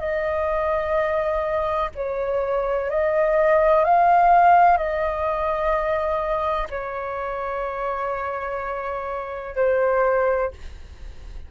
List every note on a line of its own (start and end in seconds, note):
0.00 1.90 D#5
1.96 2.90 C#5
2.90 3.84 D#5
3.84 4.77 F5
4.77 6.68 D#5
6.70 9.56 C#5
9.56 10.51 C5